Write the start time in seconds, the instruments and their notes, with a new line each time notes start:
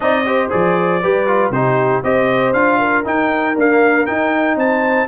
0.00 tuba C4, trombone D#4, horn D5, trumpet D#5
0.25 trombone G4, horn C5
0.49 tuba F3, trombone G#4, trumpet D5
1.01 tuba G3, trombone G4, horn B4
1.26 trombone F4
1.50 tuba C3, trombone D#4, horn G4, trumpet C5
2.03 tuba C4, trombone G4, horn C5, trumpet D#5
2.53 tuba D4, trombone F4, trumpet F5
2.78 horn A#4
3.04 trombone D#4, tuba D#4, trumpet G5
3.56 trombone A#3, tuba D4, trumpet F5
4.06 trombone D#4, tuba D#4, trumpet G5
4.56 tuba C4, horn C5, trumpet A5